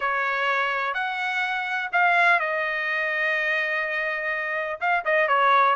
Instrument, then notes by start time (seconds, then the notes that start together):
trumpet
0.00 C#5
0.94 F#5
1.92 F5
2.39 D#5
4.80 F5
5.04 D#5
5.28 C#5